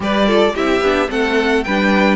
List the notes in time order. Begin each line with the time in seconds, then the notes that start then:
0.00 G3 G4 B4 D5
0.26 F4 A4
0.54 C4 E4 G4 E5
0.80 B3 D4
1.08 A3 C4 A4 F#5
1.63 G3 D4 B4 G5